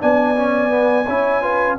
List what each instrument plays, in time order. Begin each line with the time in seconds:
0.00 tuba B3, trombone D4, horn D5, trumpet G#5
0.36 trombone C#4
0.69 trombone B3
1.06 tuba C#4, trombone E4, horn C#5
1.42 trombone F4, horn B4